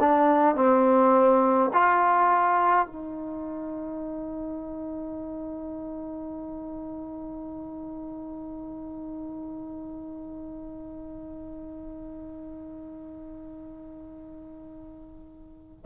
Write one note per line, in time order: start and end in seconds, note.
0.00 0.55 D4
0.55 1.70 C4
1.74 2.86 F4
2.86 15.84 D#4